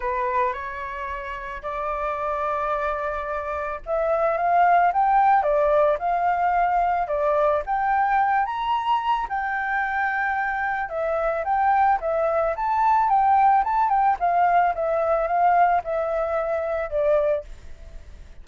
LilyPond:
\new Staff \with { instrumentName = "flute" } { \time 4/4 \tempo 4 = 110 b'4 cis''2 d''4~ | d''2. e''4 | f''4 g''4 d''4 f''4~ | f''4 d''4 g''4. ais''8~ |
ais''4 g''2. | e''4 g''4 e''4 a''4 | g''4 a''8 g''8 f''4 e''4 | f''4 e''2 d''4 | }